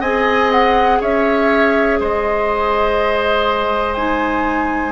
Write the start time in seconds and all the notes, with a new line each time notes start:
0.00 C4 G#4 D#5 G#5
0.51 F#5
1.00 C#4 C#5 E5
2.00 G#3 C5 D#5
3.94 D#4 G#5